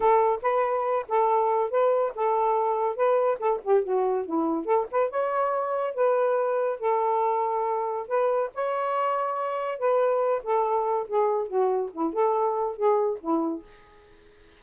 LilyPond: \new Staff \with { instrumentName = "saxophone" } { \time 4/4 \tempo 4 = 141 a'4 b'4. a'4. | b'4 a'2 b'4 | a'8 g'8 fis'4 e'4 a'8 b'8 | cis''2 b'2 |
a'2. b'4 | cis''2. b'4~ | b'8 a'4. gis'4 fis'4 | e'8 a'4. gis'4 e'4 | }